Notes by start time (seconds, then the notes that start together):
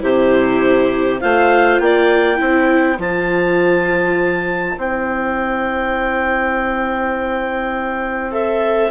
0.00 C3 E4 G4 C5
1.21 A3 F4 C5 F5
1.79 A#3 D5 G5
2.36 C4 E4 C5
2.98 F3 F4 A5
4.77 C4 E4 G5
8.31 A4 E5